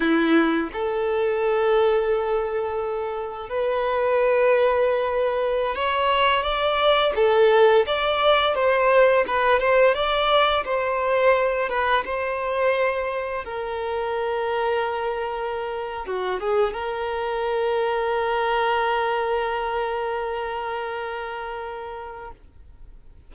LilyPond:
\new Staff \with { instrumentName = "violin" } { \time 4/4 \tempo 4 = 86 e'4 a'2.~ | a'4 b'2.~ | b'16 cis''4 d''4 a'4 d''8.~ | d''16 c''4 b'8 c''8 d''4 c''8.~ |
c''8. b'8 c''2 ais'8.~ | ais'2. fis'8 gis'8 | ais'1~ | ais'1 | }